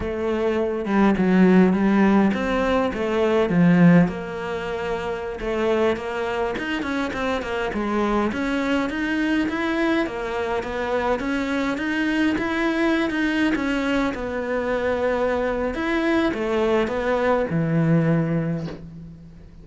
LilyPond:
\new Staff \with { instrumentName = "cello" } { \time 4/4 \tempo 4 = 103 a4. g8 fis4 g4 | c'4 a4 f4 ais4~ | ais4~ ais16 a4 ais4 dis'8 cis'16~ | cis'16 c'8 ais8 gis4 cis'4 dis'8.~ |
dis'16 e'4 ais4 b4 cis'8.~ | cis'16 dis'4 e'4~ e'16 dis'8. cis'8.~ | cis'16 b2~ b8. e'4 | a4 b4 e2 | }